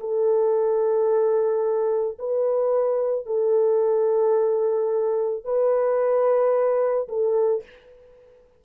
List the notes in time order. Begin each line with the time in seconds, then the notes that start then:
0.00 A4
2.19 B4
3.26 A4
5.44 B4
7.09 A4